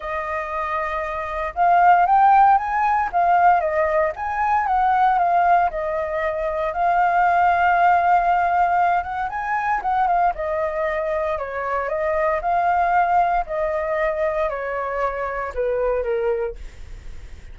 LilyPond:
\new Staff \with { instrumentName = "flute" } { \time 4/4 \tempo 4 = 116 dis''2. f''4 | g''4 gis''4 f''4 dis''4 | gis''4 fis''4 f''4 dis''4~ | dis''4 f''2.~ |
f''4. fis''8 gis''4 fis''8 f''8 | dis''2 cis''4 dis''4 | f''2 dis''2 | cis''2 b'4 ais'4 | }